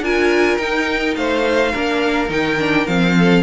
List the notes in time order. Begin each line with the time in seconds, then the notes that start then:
0.00 D4 F4 A#4 G#5
0.57 D#4 G5
1.15 A3 C5 F5
1.72 A#3 D4 A#4
2.28 D#3 D#4 G5
2.59 D4
2.86 F3 C4 F5
3.18 A4